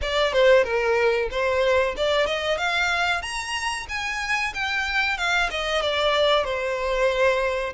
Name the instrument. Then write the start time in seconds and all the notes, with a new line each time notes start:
violin
0.01 D5
0.32 C5
0.64 A#4
1.30 C5
1.96 D5
2.26 D#5
2.57 F5
3.21 A#5
3.89 G#5
4.54 G5
5.17 F5
5.50 D#5
5.82 D5
6.44 C5